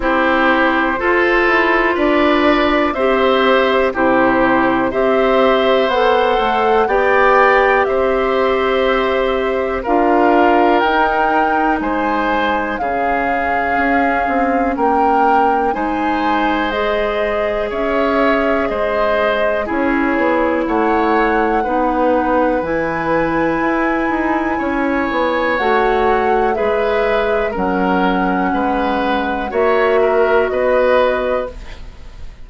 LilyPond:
<<
  \new Staff \with { instrumentName = "flute" } { \time 4/4 \tempo 4 = 61 c''2 d''4 e''4 | c''4 e''4 fis''4 g''4 | e''2 f''4 g''4 | gis''4 f''2 g''4 |
gis''4 dis''4 e''4 dis''4 | cis''4 fis''2 gis''4~ | gis''2 fis''4 e''4 | fis''2 e''4 dis''4 | }
  \new Staff \with { instrumentName = "oboe" } { \time 4/4 g'4 a'4 b'4 c''4 | g'4 c''2 d''4 | c''2 ais'2 | c''4 gis'2 ais'4 |
c''2 cis''4 c''4 | gis'4 cis''4 b'2~ | b'4 cis''2 b'4 | ais'4 b'4 cis''8 ais'8 b'4 | }
  \new Staff \with { instrumentName = "clarinet" } { \time 4/4 e'4 f'2 g'4 | e'4 g'4 a'4 g'4~ | g'2 f'4 dis'4~ | dis'4 cis'2. |
dis'4 gis'2. | e'2 dis'4 e'4~ | e'2 fis'4 gis'4 | cis'2 fis'2 | }
  \new Staff \with { instrumentName = "bassoon" } { \time 4/4 c'4 f'8 e'8 d'4 c'4 | c4 c'4 b8 a8 b4 | c'2 d'4 dis'4 | gis4 cis4 cis'8 c'8 ais4 |
gis2 cis'4 gis4 | cis'8 b8 a4 b4 e4 | e'8 dis'8 cis'8 b8 a4 gis4 | fis4 gis4 ais4 b4 | }
>>